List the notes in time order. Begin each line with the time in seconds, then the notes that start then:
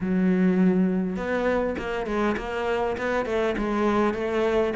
0.00 F#3
1.16 B3
1.78 A#3
2.06 G#3
2.37 A#3
2.97 B3
3.25 A3
3.57 G#3
4.14 A3